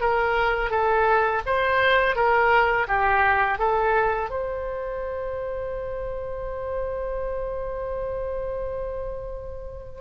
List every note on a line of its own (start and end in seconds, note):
0.00 0.70 A#4
0.70 1.42 A4
1.46 2.15 C5
2.15 2.87 A#4
2.87 3.58 G4
3.58 4.30 A4
4.30 10.01 C5